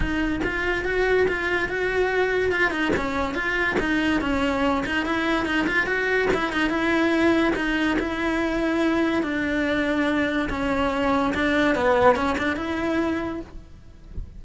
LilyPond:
\new Staff \with { instrumentName = "cello" } { \time 4/4 \tempo 4 = 143 dis'4 f'4 fis'4 f'4 | fis'2 f'8 dis'8 cis'4 | f'4 dis'4 cis'4. dis'8 | e'4 dis'8 f'8 fis'4 e'8 dis'8 |
e'2 dis'4 e'4~ | e'2 d'2~ | d'4 cis'2 d'4 | b4 cis'8 d'8 e'2 | }